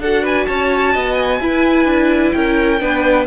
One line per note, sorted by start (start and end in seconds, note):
0.00 0.47 D4
0.00 1.42 F#4
0.00 0.23 A4
0.00 0.25 F#5
0.23 0.46 B4
0.23 0.46 G#5
0.46 0.95 C#4
0.46 0.93 C#5
0.46 1.14 A5
0.93 1.40 B3
0.93 1.39 D#5
1.14 2.30 G#5
1.40 1.85 E4
1.40 2.80 E4
1.40 2.35 B4
1.85 2.31 D4
2.32 2.81 C#4
2.32 2.80 A#4
2.32 3.25 G5
2.80 3.26 B3
2.80 3.26 D4
2.80 3.26 B4